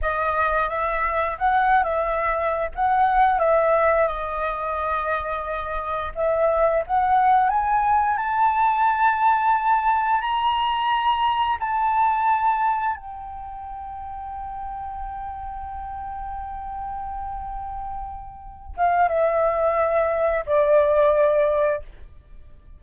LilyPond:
\new Staff \with { instrumentName = "flute" } { \time 4/4 \tempo 4 = 88 dis''4 e''4 fis''8. e''4~ e''16 | fis''4 e''4 dis''2~ | dis''4 e''4 fis''4 gis''4 | a''2. ais''4~ |
ais''4 a''2 g''4~ | g''1~ | g''2.~ g''8 f''8 | e''2 d''2 | }